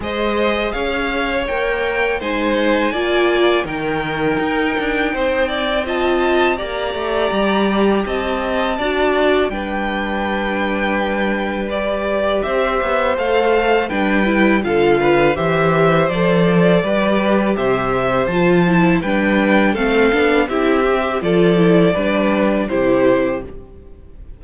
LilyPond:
<<
  \new Staff \with { instrumentName = "violin" } { \time 4/4 \tempo 4 = 82 dis''4 f''4 g''4 gis''4~ | gis''4 g''2. | a''4 ais''2 a''4~ | a''4 g''2. |
d''4 e''4 f''4 g''4 | f''4 e''4 d''2 | e''4 a''4 g''4 f''4 | e''4 d''2 c''4 | }
  \new Staff \with { instrumentName = "violin" } { \time 4/4 c''4 cis''2 c''4 | d''4 ais'2 c''8 d''8 | dis''4 d''2 dis''4 | d''4 b'2.~ |
b'4 c''2 b'4 | a'8 b'8 c''2 b'4 | c''2 b'4 a'4 | g'4 a'4 b'4 g'4 | }
  \new Staff \with { instrumentName = "viola" } { \time 4/4 gis'2 ais'4 dis'4 | f'4 dis'2. | f'4 g'2. | fis'4 d'2. |
g'2 a'4 d'8 e'8 | f'4 g'4 a'4 g'4~ | g'4 f'8 e'8 d'4 c'8 d'8 | e'8 g'8 f'8 e'8 d'4 e'4 | }
  \new Staff \with { instrumentName = "cello" } { \time 4/4 gis4 cis'4 ais4 gis4 | ais4 dis4 dis'8 d'8 c'4~ | c'4 ais8 a8 g4 c'4 | d'4 g2.~ |
g4 c'8 b8 a4 g4 | d4 e4 f4 g4 | c4 f4 g4 a8 b8 | c'4 f4 g4 c4 | }
>>